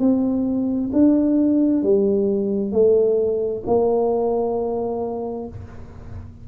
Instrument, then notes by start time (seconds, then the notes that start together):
tuba
0.00 C4
0.93 D4
1.83 G3
2.72 A3
3.67 A#3